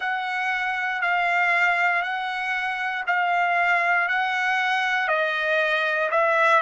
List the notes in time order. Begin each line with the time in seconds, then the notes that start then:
0.00 F#5
1.01 F5
2.02 F#5
3.06 F5
4.08 F#5
5.08 D#5
6.11 E5